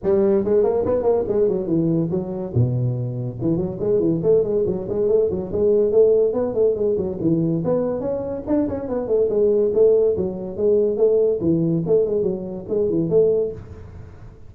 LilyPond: \new Staff \with { instrumentName = "tuba" } { \time 4/4 \tempo 4 = 142 g4 gis8 ais8 b8 ais8 gis8 fis8 | e4 fis4 b,2 | e8 fis8 gis8 e8 a8 gis8 fis8 gis8 | a8 fis8 gis4 a4 b8 a8 |
gis8 fis8 e4 b4 cis'4 | d'8 cis'8 b8 a8 gis4 a4 | fis4 gis4 a4 e4 | a8 gis8 fis4 gis8 e8 a4 | }